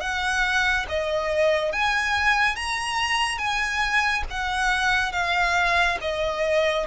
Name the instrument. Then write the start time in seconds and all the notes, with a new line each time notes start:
violin
0.00 F#5
0.88 D#5
1.72 G#5
2.56 A#5
3.38 G#5
4.31 F#5
5.12 F5
6.01 D#5